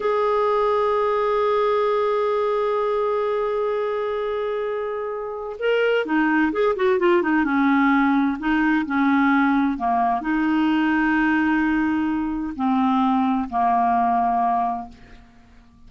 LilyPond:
\new Staff \with { instrumentName = "clarinet" } { \time 4/4 \tempo 4 = 129 gis'1~ | gis'1~ | gis'1 | ais'4 dis'4 gis'8 fis'8 f'8 dis'8 |
cis'2 dis'4 cis'4~ | cis'4 ais4 dis'2~ | dis'2. c'4~ | c'4 ais2. | }